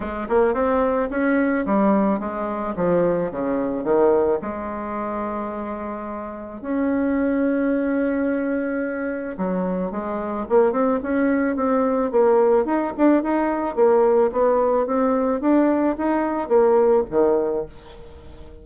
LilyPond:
\new Staff \with { instrumentName = "bassoon" } { \time 4/4 \tempo 4 = 109 gis8 ais8 c'4 cis'4 g4 | gis4 f4 cis4 dis4 | gis1 | cis'1~ |
cis'4 fis4 gis4 ais8 c'8 | cis'4 c'4 ais4 dis'8 d'8 | dis'4 ais4 b4 c'4 | d'4 dis'4 ais4 dis4 | }